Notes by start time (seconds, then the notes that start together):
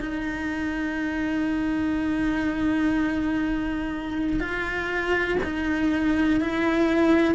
0.00 D#4
4.39 F4
5.43 D#4
6.40 E4